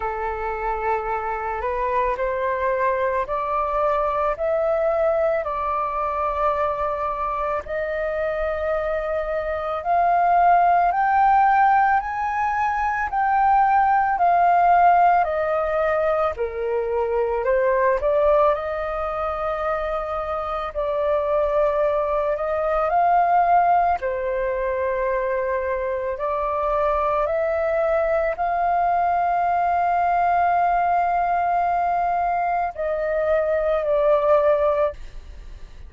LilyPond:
\new Staff \with { instrumentName = "flute" } { \time 4/4 \tempo 4 = 55 a'4. b'8 c''4 d''4 | e''4 d''2 dis''4~ | dis''4 f''4 g''4 gis''4 | g''4 f''4 dis''4 ais'4 |
c''8 d''8 dis''2 d''4~ | d''8 dis''8 f''4 c''2 | d''4 e''4 f''2~ | f''2 dis''4 d''4 | }